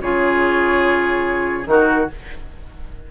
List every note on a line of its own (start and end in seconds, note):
0.00 1.66 C#3
0.00 1.65 F4
0.00 1.69 G#4
0.00 1.66 C#5
1.65 2.08 D#3
1.65 2.06 D#4
1.65 2.11 F#4
1.65 2.09 A#4